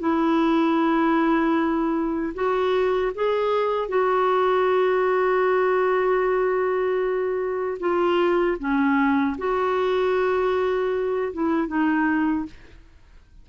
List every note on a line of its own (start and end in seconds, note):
0.00 2.34 E4
2.34 3.12 F#4
3.15 3.89 G#4
3.89 7.78 F#4
7.80 8.58 F4
8.59 9.37 C#4
9.38 11.33 F#4
11.33 11.68 E4
11.68 12.46 D#4